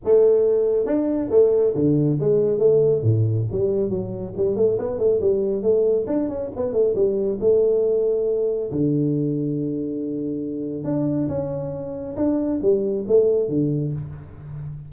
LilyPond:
\new Staff \with { instrumentName = "tuba" } { \time 4/4 \tempo 4 = 138 a2 d'4 a4 | d4 gis4 a4 a,4 | g4 fis4 g8 a8 b8 a8 | g4 a4 d'8 cis'8 b8 a8 |
g4 a2. | d1~ | d4 d'4 cis'2 | d'4 g4 a4 d4 | }